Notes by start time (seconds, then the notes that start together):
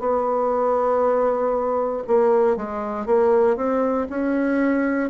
0.00 B3
2.08 A#3
2.57 G#3
3.06 A#3
3.57 C4
4.10 C#4